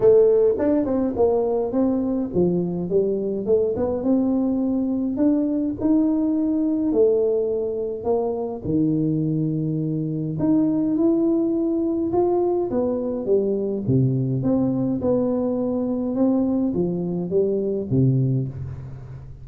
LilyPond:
\new Staff \with { instrumentName = "tuba" } { \time 4/4 \tempo 4 = 104 a4 d'8 c'8 ais4 c'4 | f4 g4 a8 b8 c'4~ | c'4 d'4 dis'2 | a2 ais4 dis4~ |
dis2 dis'4 e'4~ | e'4 f'4 b4 g4 | c4 c'4 b2 | c'4 f4 g4 c4 | }